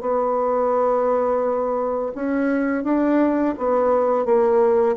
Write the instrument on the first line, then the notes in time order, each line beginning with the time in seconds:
bassoon
0.00 B3
2.14 C#4
2.84 D4
3.57 B3
4.25 A#3